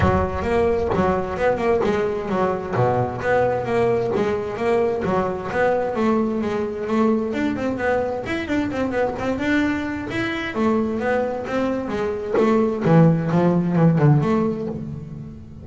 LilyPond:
\new Staff \with { instrumentName = "double bass" } { \time 4/4 \tempo 4 = 131 fis4 ais4 fis4 b8 ais8 | gis4 fis4 b,4 b4 | ais4 gis4 ais4 fis4 | b4 a4 gis4 a4 |
d'8 c'8 b4 e'8 d'8 c'8 b8 | c'8 d'4. e'4 a4 | b4 c'4 gis4 a4 | e4 f4 e8 d8 a4 | }